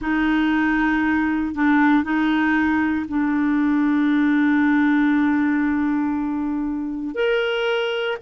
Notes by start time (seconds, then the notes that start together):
0.01 D#4
1.54 D4
2.03 D#4
3.08 D4
7.14 A#4